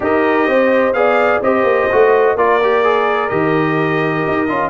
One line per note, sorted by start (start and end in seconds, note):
0.00 0.46 D#4
0.00 0.94 G4
0.00 0.49 A#4
0.00 0.93 D#5
0.46 0.93 C4
0.46 0.96 C5
0.93 1.40 B3
0.93 1.41 G#4
0.93 1.42 D5
0.93 1.40 F5
1.42 1.63 C4
1.42 1.90 G4
1.42 2.36 C5
1.42 2.37 D#5
1.63 1.87 A#3
1.91 2.35 A3
1.91 2.37 F#4
2.35 3.29 A#3
2.35 2.61 F4
2.35 4.69 A#4
2.35 3.29 D5
2.62 2.84 G4
2.84 3.29 G#4
3.29 4.26 D#3
3.29 4.47 G4
3.29 4.69 D#5
4.27 4.49 D#4
4.48 4.69 C#4
4.48 4.69 F4